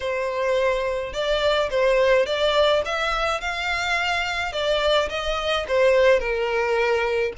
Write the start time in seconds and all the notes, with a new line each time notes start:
0.00 C5
1.13 D5
1.70 C5
2.26 D5
2.85 E5
3.40 F5
4.52 D5
5.09 D#5
5.68 C5
6.19 A#4